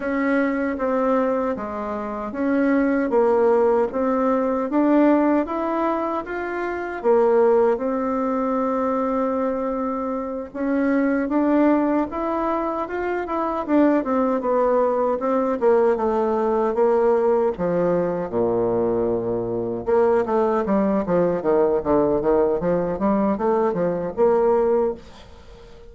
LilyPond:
\new Staff \with { instrumentName = "bassoon" } { \time 4/4 \tempo 4 = 77 cis'4 c'4 gis4 cis'4 | ais4 c'4 d'4 e'4 | f'4 ais4 c'2~ | c'4. cis'4 d'4 e'8~ |
e'8 f'8 e'8 d'8 c'8 b4 c'8 | ais8 a4 ais4 f4 ais,8~ | ais,4. ais8 a8 g8 f8 dis8 | d8 dis8 f8 g8 a8 f8 ais4 | }